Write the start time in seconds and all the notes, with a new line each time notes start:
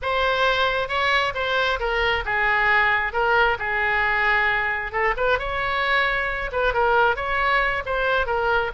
0.01 C5
0.88 C#5
1.34 C5
1.79 A#4
2.25 G#4
3.12 A#4
3.58 G#4
4.91 A4
5.16 B4
5.39 C#5
6.51 B4
6.73 A#4
7.16 C#5
7.85 C5
8.26 A#4